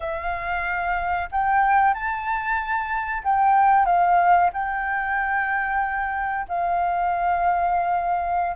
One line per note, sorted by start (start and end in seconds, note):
0.00 1.28 F5
1.31 1.94 G5
1.94 3.23 A5
3.23 3.85 G5
3.85 4.50 F5
4.53 6.46 G5
6.48 8.56 F5